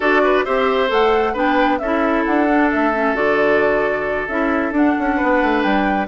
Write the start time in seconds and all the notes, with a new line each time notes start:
0.00 D4 F#4 A4 D5
0.23 B4
0.44 C4 G4 C5 E5
0.88 A3 A4 F#5
1.33 B3 D4 B4 G5
1.78 C#4 E4 A4 E5
2.24 D4 F#5
2.48 D4
2.71 A3 E5
2.93 C#4
3.14 D3 F#4 D5
4.28 C#4 E4 E5
4.71 D4 F#5
4.98 C#4
5.16 B4
5.22 B3
5.41 A3
5.62 G3 G5